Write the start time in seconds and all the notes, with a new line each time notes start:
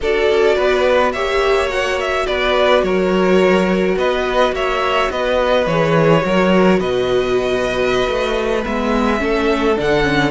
0.00 D4 F#4 A4 D5
0.29 C#4
0.55 B3 B4
1.12 A#3 G4 C#5 E5
1.69 F#4 F#5
2.00 E5
2.26 B3 B4 D5
2.82 F#3 A#4 C#5
3.96 B3 B4 D#5
4.52 A#3 C#5 E5
5.10 B3 B4 D#5
5.66 E3 G#4 C#5
6.21 F#3 F#4 A#4
6.79 B2 B4 D#5
8.08 A3
8.62 G#3 B3 E5
9.18 A3 C#4 A4
9.76 D3 D4 F#5
10.02 C#4